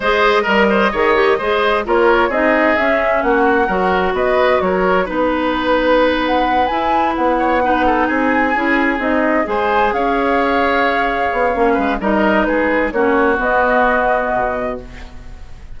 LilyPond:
<<
  \new Staff \with { instrumentName = "flute" } { \time 4/4 \tempo 4 = 130 dis''1 | cis''4 dis''4 e''4 fis''4~ | fis''4 dis''4 cis''4 b'4~ | b'4. fis''4 gis''4 fis''8~ |
fis''4. gis''2 dis''8~ | dis''8 gis''4 f''2~ f''8~ | f''2 dis''4 b'4 | cis''4 dis''2. | }
  \new Staff \with { instrumentName = "oboe" } { \time 4/4 c''4 ais'8 c''8 cis''4 c''4 | ais'4 gis'2 fis'4 | ais'4 b'4 ais'4 b'4~ | b'1 |
cis''8 b'8 a'8 gis'2~ gis'8~ | gis'8 c''4 cis''2~ cis''8~ | cis''4. b'8 ais'4 gis'4 | fis'1 | }
  \new Staff \with { instrumentName = "clarinet" } { \time 4/4 gis'4 ais'4 gis'8 g'8 gis'4 | f'4 dis'4 cis'2 | fis'2. dis'4~ | dis'2~ dis'8 e'4.~ |
e'8 dis'2 e'4 dis'8~ | dis'8 gis'2.~ gis'8~ | gis'4 cis'4 dis'2 | cis'4 b2. | }
  \new Staff \with { instrumentName = "bassoon" } { \time 4/4 gis4 g4 dis4 gis4 | ais4 c'4 cis'4 ais4 | fis4 b4 fis4 b4~ | b2~ b8 e'4 b8~ |
b4. c'4 cis'4 c'8~ | c'8 gis4 cis'2~ cis'8~ | cis'8 b8 ais8 gis8 g4 gis4 | ais4 b2 b,4 | }
>>